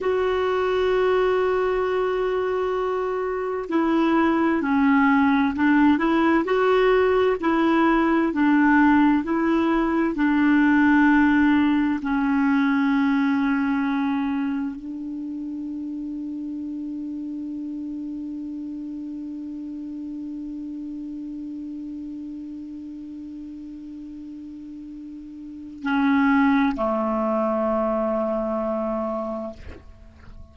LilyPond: \new Staff \with { instrumentName = "clarinet" } { \time 4/4 \tempo 4 = 65 fis'1 | e'4 cis'4 d'8 e'8 fis'4 | e'4 d'4 e'4 d'4~ | d'4 cis'2. |
d'1~ | d'1~ | d'1 | cis'4 a2. | }